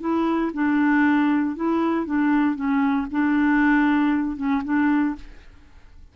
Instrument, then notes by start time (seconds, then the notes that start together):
clarinet
0.00 E4
0.53 D4
1.56 E4
2.06 D4
2.55 C#4
3.11 D4
4.37 C#4
4.64 D4